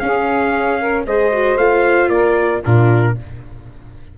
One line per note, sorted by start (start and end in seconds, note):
0.00 1.05 C#4
0.00 1.06 C#4
0.00 0.80 G#4
0.00 1.04 F5
0.80 1.06 A#4
1.06 1.57 G#3
1.06 1.32 G#4
1.06 2.10 C5
1.06 1.57 D#5
1.32 1.58 F#4
1.57 2.08 A3
1.57 2.63 F4
1.57 2.09 F5
2.08 2.60 A#3
2.08 2.62 A#4
2.08 2.62 D5
2.62 3.18 A#2
2.62 3.17 D4
2.62 3.15 F4
2.62 3.17 A#4